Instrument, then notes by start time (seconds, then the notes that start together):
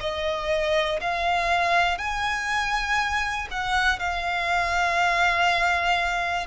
violin
0.00 D#5
1.00 F5
1.98 G#5
3.50 F#5
3.99 F5